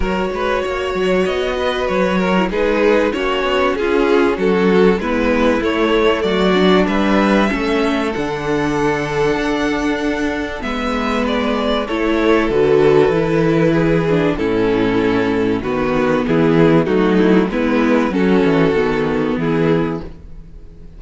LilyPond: <<
  \new Staff \with { instrumentName = "violin" } { \time 4/4 \tempo 4 = 96 cis''2 dis''4 cis''4 | b'4 cis''4 gis'4 a'4 | b'4 cis''4 d''4 e''4~ | e''4 fis''2.~ |
fis''4 e''4 d''4 cis''4 | b'2. a'4~ | a'4 b'4 gis'4 fis'8 e'8 | b'4 a'2 gis'4 | }
  \new Staff \with { instrumentName = "violin" } { \time 4/4 ais'8 b'8 cis''4. b'4 ais'8 | gis'4 fis'4 f'4 fis'4 | e'2 fis'4 b'4 | a'1~ |
a'4 b'2 a'4~ | a'2 gis'4 e'4~ | e'4 fis'4 e'4 dis'4 | e'4 fis'2 e'4 | }
  \new Staff \with { instrumentName = "viola" } { \time 4/4 fis'2.~ fis'8. e'16 | dis'4 cis'2. | b4 a4. d'4. | cis'4 d'2.~ |
d'4 b2 e'4 | fis'4 e'4. d'8 cis'4~ | cis'4 b2 a4 | b4 cis'4 b2 | }
  \new Staff \with { instrumentName = "cello" } { \time 4/4 fis8 gis8 ais8 fis8 b4 fis4 | gis4 ais8 b8 cis'4 fis4 | gis4 a4 fis4 g4 | a4 d2 d'4~ |
d'4 gis2 a4 | d4 e2 a,4~ | a,4 dis4 e4 fis4 | gis4 fis8 e8 dis4 e4 | }
>>